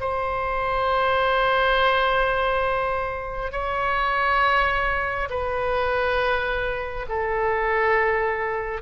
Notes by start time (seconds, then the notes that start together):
0.00 C5
3.52 C#5
5.30 B4
7.08 A4